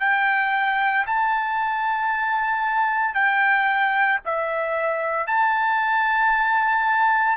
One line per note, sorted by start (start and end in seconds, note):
0.00 1.05 G5
1.06 3.14 A5
3.14 4.19 G5
4.25 5.27 E5
5.27 7.37 A5